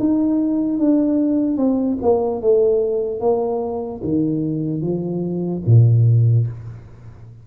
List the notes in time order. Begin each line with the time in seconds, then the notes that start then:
0.00 D#4
0.79 D4
1.58 C4
2.02 A#3
2.42 A3
3.21 A#3
4.04 D#3
4.82 F3
5.66 A#2